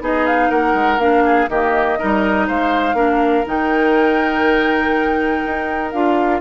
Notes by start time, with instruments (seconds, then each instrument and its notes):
0.00 bassoon B3, clarinet D#4, oboe G#4, flute D#5
0.26 flute F5
0.49 bassoon A#3, oboe A#4, flute F#5
0.74 bassoon G#3
0.98 bassoon A#3, clarinet D4, flute F5
1.25 oboe G#4
1.49 bassoon D#3, clarinet A#3, oboe G4, flute D#5
1.98 bassoon G3, clarinet D#4, oboe A#4
2.47 bassoon G#3, oboe C5, flute F5
2.93 bassoon A#3, clarinet D4, oboe A#4
3.46 bassoon D#3, clarinet D#4, flute G5
5.45 bassoon D#4
5.91 bassoon D4, clarinet F4, flute F5